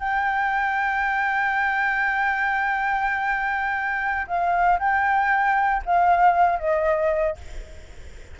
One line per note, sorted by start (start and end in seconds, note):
0.00 4.27 G5
4.27 4.79 F5
4.79 5.83 G5
5.86 6.59 F5
6.59 7.37 D#5